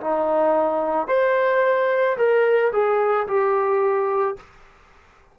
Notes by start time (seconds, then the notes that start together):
0.00 D#4
1.07 C5
2.17 A#4
2.72 G#4
3.27 G4